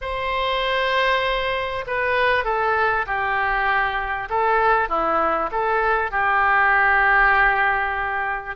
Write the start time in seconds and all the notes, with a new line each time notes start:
0.01 C5
1.86 B4
2.44 A4
3.06 G4
4.29 A4
4.88 E4
5.51 A4
6.11 G4